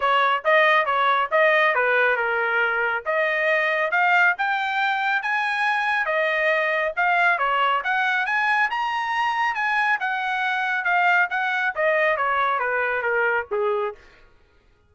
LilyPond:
\new Staff \with { instrumentName = "trumpet" } { \time 4/4 \tempo 4 = 138 cis''4 dis''4 cis''4 dis''4 | b'4 ais'2 dis''4~ | dis''4 f''4 g''2 | gis''2 dis''2 |
f''4 cis''4 fis''4 gis''4 | ais''2 gis''4 fis''4~ | fis''4 f''4 fis''4 dis''4 | cis''4 b'4 ais'4 gis'4 | }